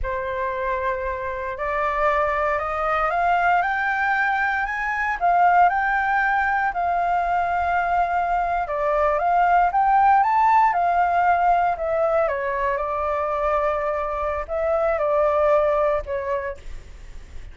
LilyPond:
\new Staff \with { instrumentName = "flute" } { \time 4/4 \tempo 4 = 116 c''2. d''4~ | d''4 dis''4 f''4 g''4~ | g''4 gis''4 f''4 g''4~ | g''4 f''2.~ |
f''8. d''4 f''4 g''4 a''16~ | a''8. f''2 e''4 cis''16~ | cis''8. d''2.~ d''16 | e''4 d''2 cis''4 | }